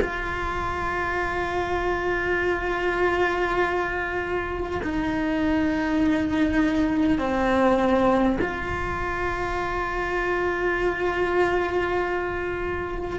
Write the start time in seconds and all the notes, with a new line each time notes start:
0.00 F4
4.83 D#4
7.18 C4
8.41 F4